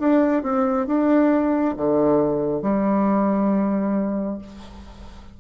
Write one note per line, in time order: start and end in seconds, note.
0.00 0.43 D4
0.43 0.87 C4
0.87 1.75 D4
1.77 2.62 D3
2.62 4.39 G3